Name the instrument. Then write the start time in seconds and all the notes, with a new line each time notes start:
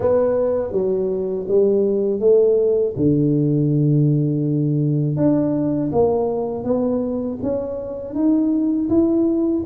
tuba
0.00 B3
0.72 F#3
1.47 G3
2.20 A3
2.96 D3
5.16 D4
5.92 A#3
6.64 B3
7.42 C#4
8.14 D#4
8.89 E4